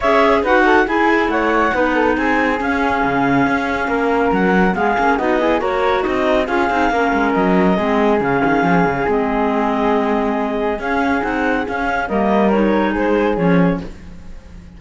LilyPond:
<<
  \new Staff \with { instrumentName = "clarinet" } { \time 4/4 \tempo 4 = 139 e''4 fis''4 gis''4 fis''4~ | fis''4 gis''4 f''2~ | f''2 fis''4 f''4 | dis''4 cis''4 dis''4 f''4~ |
f''4 dis''2 f''4~ | f''4 dis''2.~ | dis''4 f''4 fis''4 f''4 | dis''4 cis''4 c''4 cis''4 | }
  \new Staff \with { instrumentName = "flute" } { \time 4/4 cis''4 b'8 a'8 gis'4 cis''4 | b'8 a'8 gis'2.~ | gis'4 ais'2 gis'4 | fis'8 gis'8 ais'4 dis'4 gis'4 |
ais'2 gis'2~ | gis'1~ | gis'1 | ais'2 gis'2 | }
  \new Staff \with { instrumentName = "clarinet" } { \time 4/4 gis'4 fis'4 e'2 | dis'2 cis'2~ | cis'2. b8 cis'8 | dis'8 e'8 fis'2 f'8 dis'8 |
cis'2 c'4 cis'4~ | cis'4 c'2.~ | c'4 cis'4 dis'4 cis'4 | ais4 dis'2 cis'4 | }
  \new Staff \with { instrumentName = "cello" } { \time 4/4 cis'4 dis'4 e'4 a4 | b4 c'4 cis'4 cis4 | cis'4 ais4 fis4 gis8 ais8 | b4 ais4 c'4 cis'8 c'8 |
ais8 gis8 fis4 gis4 cis8 dis8 | f8 cis8 gis2.~ | gis4 cis'4 c'4 cis'4 | g2 gis4 f4 | }
>>